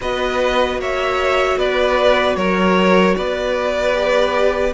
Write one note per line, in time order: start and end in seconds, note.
0.00 0.77 B3
0.00 3.93 F#4
0.00 0.80 B4
0.00 0.80 D#5
0.77 1.56 A#3
0.77 1.57 C#5
0.77 1.58 E5
1.57 2.36 B3
1.57 2.36 B4
1.57 2.36 D5
2.36 3.15 F#3
2.36 3.16 A#4
2.36 3.14 C#5
3.14 4.73 B3
3.14 4.73 B4
3.14 4.72 D5
3.93 4.72 G4